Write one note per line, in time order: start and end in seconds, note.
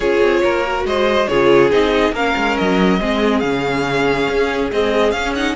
0.00 0.21 C#4
0.00 0.64 F4
0.00 0.41 G#4
0.00 0.84 C#5
0.21 0.42 C4
0.43 0.84 A#3
0.43 0.86 A#4
0.64 1.29 F#4
0.84 1.27 G#3
0.84 1.29 C5
0.84 1.27 D#5
1.27 1.71 C#3
1.27 1.70 F4
1.27 2.13 G#4
1.27 1.70 C#5
1.70 2.12 C4
1.70 2.13 D#4
1.70 2.14 D#5
2.12 2.33 A#3
2.12 3.00 C#4
2.12 2.99 A#4
2.12 2.57 F5
2.36 2.57 G#3
2.57 3.00 F#3
2.57 3.39 D#5
3.00 3.42 G#3
3.00 3.43 C4
3.00 5.55 G#4
3.39 4.28 C#3
3.39 4.71 C#4
3.39 4.68 F5
4.28 4.71 C#4
4.71 5.13 G#3
4.71 5.12 C4
4.71 5.11 D#5
5.11 5.55 C#4
5.11 5.35 C#4
5.11 5.32 F5
5.35 5.55 D#4
5.35 5.55 F#5